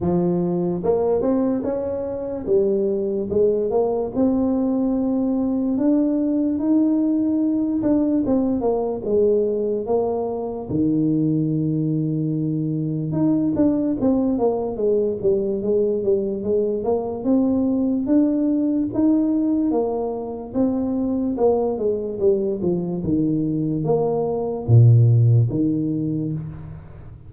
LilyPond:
\new Staff \with { instrumentName = "tuba" } { \time 4/4 \tempo 4 = 73 f4 ais8 c'8 cis'4 g4 | gis8 ais8 c'2 d'4 | dis'4. d'8 c'8 ais8 gis4 | ais4 dis2. |
dis'8 d'8 c'8 ais8 gis8 g8 gis8 g8 | gis8 ais8 c'4 d'4 dis'4 | ais4 c'4 ais8 gis8 g8 f8 | dis4 ais4 ais,4 dis4 | }